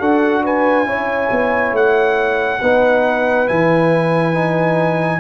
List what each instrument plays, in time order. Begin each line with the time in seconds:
0.00 tuba D4, trombone F#4, horn A4, trumpet F#5
0.44 horn B4, trumpet G#5
0.86 tuba C#4, trombone E4, horn C#5
1.32 tuba B3
1.73 tuba A3, trumpet F#5
2.61 tuba B3, trombone D#4, horn B4
3.47 tuba E3, trombone E4, trumpet G#5
4.34 trombone D#4